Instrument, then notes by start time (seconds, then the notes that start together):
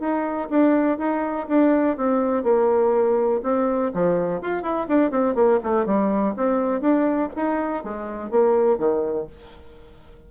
bassoon
0.00 D#4
0.50 D4
0.98 D#4
1.49 D4
1.97 C4
2.43 A#3
3.43 C4
3.94 F3
4.42 F4
4.63 E4
4.88 D4
5.11 C4
5.35 A#3
5.63 A3
5.86 G3
6.37 C4
6.81 D4
7.36 D#4
7.84 G#3
8.31 A#3
8.78 D#3